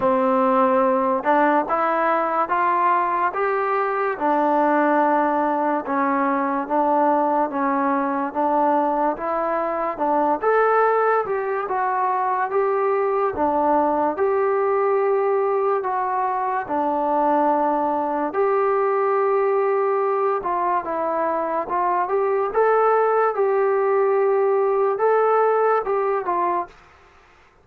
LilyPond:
\new Staff \with { instrumentName = "trombone" } { \time 4/4 \tempo 4 = 72 c'4. d'8 e'4 f'4 | g'4 d'2 cis'4 | d'4 cis'4 d'4 e'4 | d'8 a'4 g'8 fis'4 g'4 |
d'4 g'2 fis'4 | d'2 g'2~ | g'8 f'8 e'4 f'8 g'8 a'4 | g'2 a'4 g'8 f'8 | }